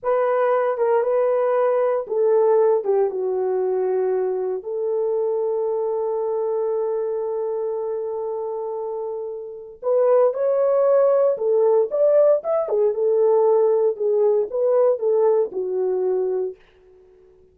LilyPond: \new Staff \with { instrumentName = "horn" } { \time 4/4 \tempo 4 = 116 b'4. ais'8 b'2 | a'4. g'8 fis'2~ | fis'4 a'2.~ | a'1~ |
a'2. b'4 | cis''2 a'4 d''4 | e''8 gis'8 a'2 gis'4 | b'4 a'4 fis'2 | }